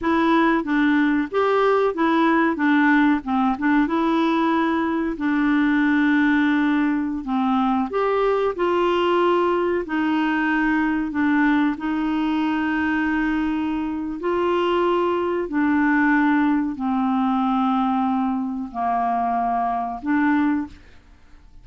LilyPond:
\new Staff \with { instrumentName = "clarinet" } { \time 4/4 \tempo 4 = 93 e'4 d'4 g'4 e'4 | d'4 c'8 d'8 e'2 | d'2.~ d'16 c'8.~ | c'16 g'4 f'2 dis'8.~ |
dis'4~ dis'16 d'4 dis'4.~ dis'16~ | dis'2 f'2 | d'2 c'2~ | c'4 ais2 d'4 | }